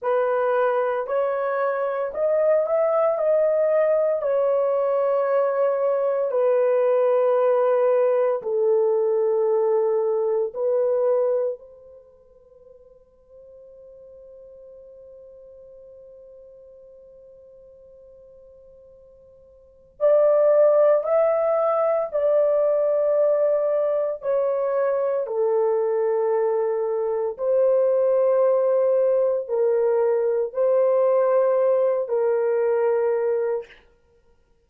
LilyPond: \new Staff \with { instrumentName = "horn" } { \time 4/4 \tempo 4 = 57 b'4 cis''4 dis''8 e''8 dis''4 | cis''2 b'2 | a'2 b'4 c''4~ | c''1~ |
c''2. d''4 | e''4 d''2 cis''4 | a'2 c''2 | ais'4 c''4. ais'4. | }